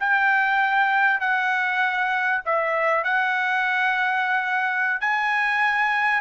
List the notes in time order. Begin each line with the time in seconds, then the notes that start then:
0.00 G5
1.20 F#5
2.46 E5
3.04 F#5
5.01 G#5